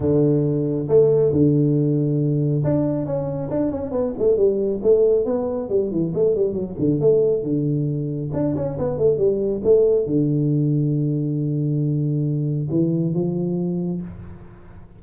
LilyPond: \new Staff \with { instrumentName = "tuba" } { \time 4/4 \tempo 4 = 137 d2 a4 d4~ | d2 d'4 cis'4 | d'8 cis'8 b8 a8 g4 a4 | b4 g8 e8 a8 g8 fis8 d8 |
a4 d2 d'8 cis'8 | b8 a8 g4 a4 d4~ | d1~ | d4 e4 f2 | }